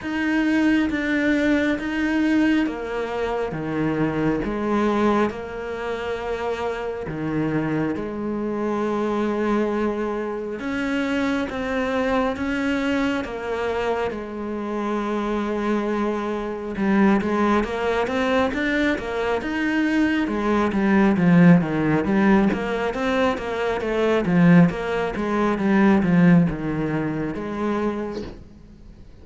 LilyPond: \new Staff \with { instrumentName = "cello" } { \time 4/4 \tempo 4 = 68 dis'4 d'4 dis'4 ais4 | dis4 gis4 ais2 | dis4 gis2. | cis'4 c'4 cis'4 ais4 |
gis2. g8 gis8 | ais8 c'8 d'8 ais8 dis'4 gis8 g8 | f8 dis8 g8 ais8 c'8 ais8 a8 f8 | ais8 gis8 g8 f8 dis4 gis4 | }